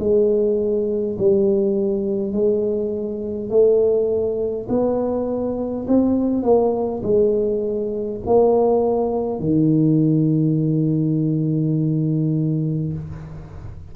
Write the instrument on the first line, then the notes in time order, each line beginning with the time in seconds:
tuba
0.00 G#3
1.19 G3
2.33 G#3
3.50 A3
4.70 B3
5.88 C4
6.43 A#3
7.03 G#3
8.27 A#3
9.40 D#3